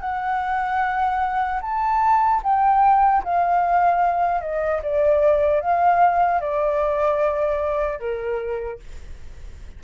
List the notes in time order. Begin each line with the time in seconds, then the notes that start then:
0.00 F#5
1.61 A5
2.43 G5
3.24 F5
4.41 D#5
4.83 D5
5.60 F5
6.41 D5
7.99 A#4